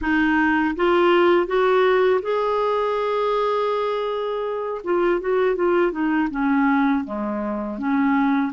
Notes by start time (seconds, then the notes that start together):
0.01 D#4
0.76 F4
1.46 F#4
2.22 G#4
4.84 F4
5.20 F#4
5.55 F4
5.91 D#4
6.30 C#4
7.04 G#3
7.78 C#4